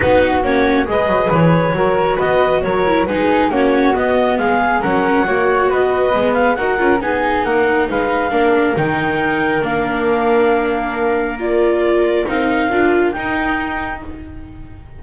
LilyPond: <<
  \new Staff \with { instrumentName = "clarinet" } { \time 4/4 \tempo 4 = 137 b'4 cis''4 dis''4 cis''4~ | cis''4 dis''4 cis''4 b'4 | cis''4 dis''4 f''4 fis''4~ | fis''4 dis''4. f''8 fis''4 |
gis''4 fis''4 f''2 | g''2 f''2~ | f''2 d''2 | f''2 g''2 | }
  \new Staff \with { instrumentName = "flute" } { \time 4/4 fis'2 b'2 | ais'4 b'4 ais'4 gis'4 | fis'2 gis'4 ais'4 | cis''4 b'2 ais'4 |
gis'4 ais'4 b'4 ais'4~ | ais'1~ | ais'1~ | ais'1 | }
  \new Staff \with { instrumentName = "viola" } { \time 4/4 dis'4 cis'4 gis'2 | fis'2~ fis'8 e'8 dis'4 | cis'4 b2 cis'4 | fis'2 b4 fis'8 f'8 |
dis'2. d'4 | dis'2 d'2~ | d'2 f'2 | dis'4 f'4 dis'2 | }
  \new Staff \with { instrumentName = "double bass" } { \time 4/4 b4 ais4 gis8 fis8 e4 | fis4 b4 fis4 gis4 | ais4 b4 gis4 fis4 | ais4 b4 gis4 dis'8 cis'8 |
b4 ais4 gis4 ais4 | dis2 ais2~ | ais1 | c'4 d'4 dis'2 | }
>>